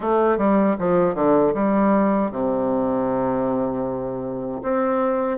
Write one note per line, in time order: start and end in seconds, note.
0.00 0.37 A3
0.37 0.76 G3
0.78 1.15 F3
1.15 1.53 D3
1.54 2.31 G3
2.31 4.62 C3
4.62 5.38 C4